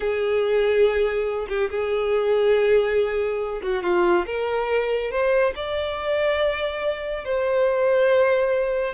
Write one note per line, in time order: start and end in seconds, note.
0.00 1.47 G#4
1.49 1.70 G4
1.70 3.62 G#4
3.62 3.83 F#4
3.83 4.25 F4
4.26 5.11 A#4
5.11 5.53 C5
5.55 7.25 D5
7.25 8.94 C5